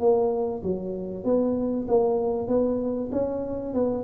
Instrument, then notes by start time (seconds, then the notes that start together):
tuba
0.00 A#3
0.63 F#3
1.24 B3
1.88 A#3
2.48 B3
3.12 C#4
3.74 B3